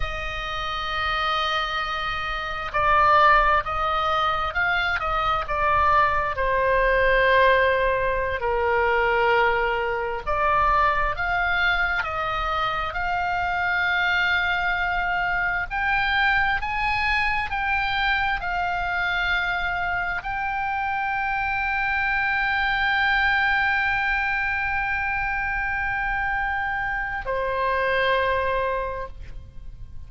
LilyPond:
\new Staff \with { instrumentName = "oboe" } { \time 4/4 \tempo 4 = 66 dis''2. d''4 | dis''4 f''8 dis''8 d''4 c''4~ | c''4~ c''16 ais'2 d''8.~ | d''16 f''4 dis''4 f''4.~ f''16~ |
f''4~ f''16 g''4 gis''4 g''8.~ | g''16 f''2 g''4.~ g''16~ | g''1~ | g''2 c''2 | }